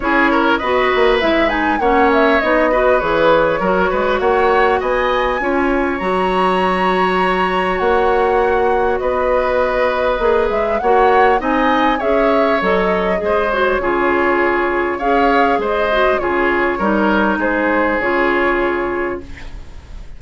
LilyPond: <<
  \new Staff \with { instrumentName = "flute" } { \time 4/4 \tempo 4 = 100 cis''4 dis''4 e''8 gis''8 fis''8 e''8 | dis''4 cis''2 fis''4 | gis''2 ais''2~ | ais''4 fis''2 dis''4~ |
dis''4. e''8 fis''4 gis''4 | e''4 dis''4. cis''4.~ | cis''4 f''4 dis''4 cis''4~ | cis''4 c''4 cis''2 | }
  \new Staff \with { instrumentName = "oboe" } { \time 4/4 gis'8 ais'8 b'2 cis''4~ | cis''8 b'4. ais'8 b'8 cis''4 | dis''4 cis''2.~ | cis''2. b'4~ |
b'2 cis''4 dis''4 | cis''2 c''4 gis'4~ | gis'4 cis''4 c''4 gis'4 | ais'4 gis'2. | }
  \new Staff \with { instrumentName = "clarinet" } { \time 4/4 e'4 fis'4 e'8 dis'8 cis'4 | dis'8 fis'8 gis'4 fis'2~ | fis'4 f'4 fis'2~ | fis'1~ |
fis'4 gis'4 fis'4 dis'4 | gis'4 a'4 gis'8 fis'8 f'4~ | f'4 gis'4. fis'8 f'4 | dis'2 f'2 | }
  \new Staff \with { instrumentName = "bassoon" } { \time 4/4 cis'4 b8 ais8 gis4 ais4 | b4 e4 fis8 gis8 ais4 | b4 cis'4 fis2~ | fis4 ais2 b4~ |
b4 ais8 gis8 ais4 c'4 | cis'4 fis4 gis4 cis4~ | cis4 cis'4 gis4 cis4 | g4 gis4 cis2 | }
>>